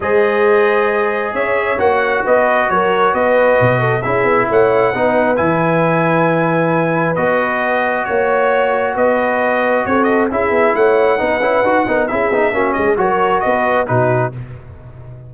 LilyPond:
<<
  \new Staff \with { instrumentName = "trumpet" } { \time 4/4 \tempo 4 = 134 dis''2. e''4 | fis''4 dis''4 cis''4 dis''4~ | dis''4 e''4 fis''2 | gis''1 |
dis''2 cis''2 | dis''2 cis''8 dis''8 e''4 | fis''2. e''4~ | e''8 dis''8 cis''4 dis''4 b'4 | }
  \new Staff \with { instrumentName = "horn" } { \time 4/4 c''2. cis''4~ | cis''4 b'4 ais'4 b'4~ | b'8 a'8 gis'4 cis''4 b'4~ | b'1~ |
b'2 cis''2 | b'2 a'4 gis'4 | cis''4 b'4. ais'8 gis'4 | fis'8 gis'8 ais'4 b'4 fis'4 | }
  \new Staff \with { instrumentName = "trombone" } { \time 4/4 gis'1 | fis'1~ | fis'4 e'2 dis'4 | e'1 |
fis'1~ | fis'2. e'4~ | e'4 dis'8 e'8 fis'8 dis'8 e'8 dis'8 | cis'4 fis'2 dis'4 | }
  \new Staff \with { instrumentName = "tuba" } { \time 4/4 gis2. cis'4 | ais4 b4 fis4 b4 | b,4 cis'8 b8 a4 b4 | e1 |
b2 ais2 | b2 c'4 cis'8 b8 | a4 b8 cis'8 dis'8 b8 cis'8 b8 | ais8 gis8 fis4 b4 b,4 | }
>>